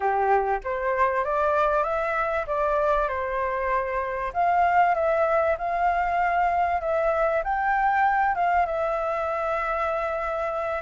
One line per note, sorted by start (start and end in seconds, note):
0.00 0.60 G4
0.64 1.24 C5
1.24 1.83 D5
1.83 2.45 E5
2.46 3.08 D5
3.08 4.32 C5
4.33 4.94 F5
4.94 5.56 E5
5.58 6.80 F5
6.80 7.42 E5
7.43 8.35 G5
8.35 8.65 F5
8.65 10.82 E5